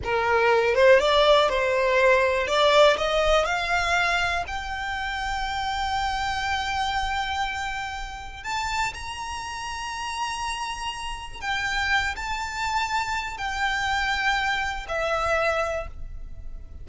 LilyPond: \new Staff \with { instrumentName = "violin" } { \time 4/4 \tempo 4 = 121 ais'4. c''8 d''4 c''4~ | c''4 d''4 dis''4 f''4~ | f''4 g''2.~ | g''1~ |
g''4 a''4 ais''2~ | ais''2. g''4~ | g''8 a''2~ a''8 g''4~ | g''2 e''2 | }